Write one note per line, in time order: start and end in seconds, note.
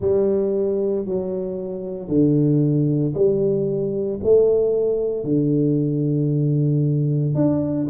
0.00 1.05 G3
1.05 2.08 F#3
2.08 3.13 D3
3.14 4.19 G3
4.23 5.23 A3
5.23 7.34 D3
7.34 7.87 D4